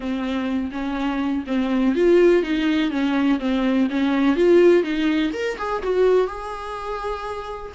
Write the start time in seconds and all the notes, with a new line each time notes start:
0.00 C4
0.71 C#4
1.46 C4
1.95 F4
2.42 D#4
2.90 C#4
3.39 C4
3.90 C#4
4.36 F4
4.83 D#4
5.33 A#4
5.58 G#4
5.82 F#4
6.27 G#4